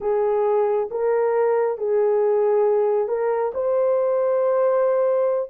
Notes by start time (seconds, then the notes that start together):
0.00 G#4
0.90 A#4
1.78 G#4
3.08 A#4
3.53 C5